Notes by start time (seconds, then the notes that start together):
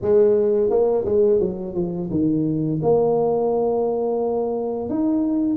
0.01 G#3
0.69 A#3
1.05 G#3
1.40 F#3
1.74 F3
2.10 D#3
2.82 A#3
4.89 D#4